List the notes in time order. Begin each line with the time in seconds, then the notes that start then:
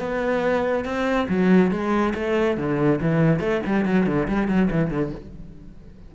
0.00 B3
0.85 C4
1.29 F#3
1.72 G#3
2.15 A3
2.58 D3
3.02 E3
3.40 A3
3.67 G3
3.85 F#3
4.07 D3
4.28 G3
4.49 F#3
4.71 E3
4.91 D3